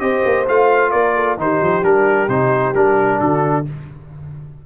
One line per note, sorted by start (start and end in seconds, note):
0.00 0.23 C4
0.00 0.46 G4
0.00 0.92 C5
0.00 0.45 D#5
0.25 0.48 A#3
0.48 0.94 A3
0.48 1.38 F4
0.48 0.91 F5
0.91 1.38 A#3
0.91 1.15 A#4
0.91 1.37 D5
1.16 1.39 A4
1.38 1.61 D#3
1.38 1.83 D#4
1.38 3.20 G4
1.38 1.84 C5
1.62 1.83 F3
1.83 2.28 G3
1.83 2.28 D4
1.83 2.29 A#4
2.28 2.74 C3
2.28 2.75 D#4
2.28 2.74 C5
2.74 3.20 G3
2.74 3.66 D4
2.74 3.20 A#4
3.20 3.66 D3
3.20 3.66 F#4
3.20 3.66 A4